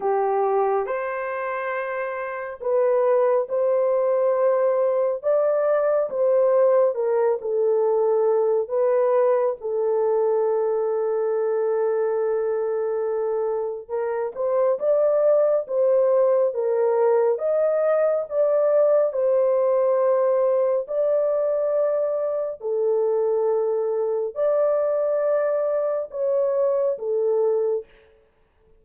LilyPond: \new Staff \with { instrumentName = "horn" } { \time 4/4 \tempo 4 = 69 g'4 c''2 b'4 | c''2 d''4 c''4 | ais'8 a'4. b'4 a'4~ | a'1 |
ais'8 c''8 d''4 c''4 ais'4 | dis''4 d''4 c''2 | d''2 a'2 | d''2 cis''4 a'4 | }